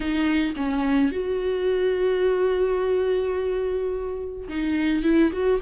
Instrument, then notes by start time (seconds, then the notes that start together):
viola
0.00 D#4
0.56 C#4
1.11 F#4
4.48 D#4
5.03 E4
5.32 F#4